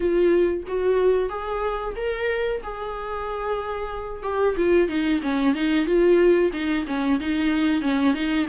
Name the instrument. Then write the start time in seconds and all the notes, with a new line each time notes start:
viola
0.00 F4
0.67 F#4
1.29 G#4
1.96 A#4
2.63 G#4
4.22 G4
4.57 F4
4.88 D#4
5.22 C#4
5.54 D#4
5.85 F4
6.52 D#4
6.87 C#4
7.19 D#4
7.81 C#4
8.13 D#4